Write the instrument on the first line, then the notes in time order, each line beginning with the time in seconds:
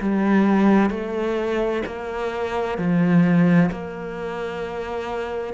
cello
0.00 G3
0.90 A3
1.85 A#3
2.77 F3
3.71 A#3